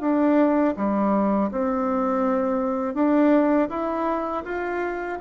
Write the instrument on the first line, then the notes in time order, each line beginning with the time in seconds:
bassoon
0.00 D4
0.76 G3
1.51 C4
2.94 D4
3.69 E4
4.44 F4